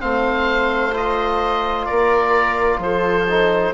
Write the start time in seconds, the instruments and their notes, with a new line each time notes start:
0.00 bassoon A3, trombone C4, viola C5, oboe F5
0.93 trombone F4, oboe D#5
1.86 bassoon A#3, viola A#4, oboe D5
2.78 bassoon F3, oboe C5
2.84 viola A4
3.29 trombone D#4